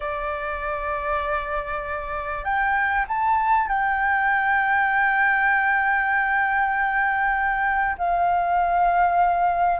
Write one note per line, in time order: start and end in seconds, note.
0.00 2.44 D5
2.44 3.05 G5
3.08 3.68 A5
3.68 7.96 G5
7.97 9.79 F5